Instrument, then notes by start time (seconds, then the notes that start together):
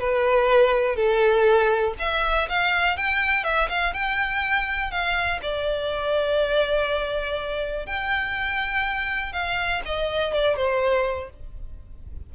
violin
0.00 B4
0.96 A4
1.99 E5
2.49 F5
2.98 G5
3.44 E5
3.69 F5
3.94 G5
4.91 F5
5.43 D5
7.87 G5
9.33 F5
9.86 D#5
10.34 D5
10.57 C5